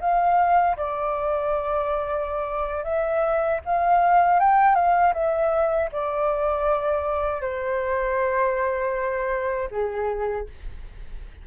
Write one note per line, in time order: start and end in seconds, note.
0.00 0.76 F5
0.77 2.83 D5
2.83 3.59 E5
3.65 4.39 F5
4.39 4.75 G5
4.75 5.13 F5
5.13 5.89 E5
5.91 7.41 D5
7.41 9.68 C5
9.70 10.46 G#4